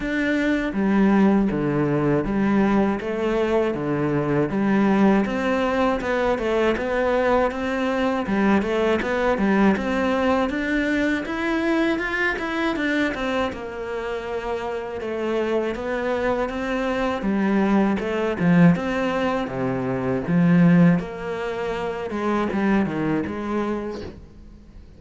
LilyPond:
\new Staff \with { instrumentName = "cello" } { \time 4/4 \tempo 4 = 80 d'4 g4 d4 g4 | a4 d4 g4 c'4 | b8 a8 b4 c'4 g8 a8 | b8 g8 c'4 d'4 e'4 |
f'8 e'8 d'8 c'8 ais2 | a4 b4 c'4 g4 | a8 f8 c'4 c4 f4 | ais4. gis8 g8 dis8 gis4 | }